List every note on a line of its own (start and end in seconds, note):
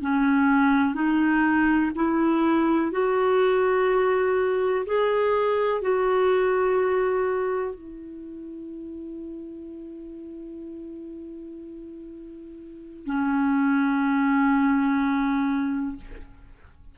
0.00 0.94 C#4
0.94 1.91 D#4
1.95 2.91 E4
2.91 4.85 F#4
4.86 5.81 G#4
5.81 7.75 F#4
7.75 13.06 E4
13.06 15.96 C#4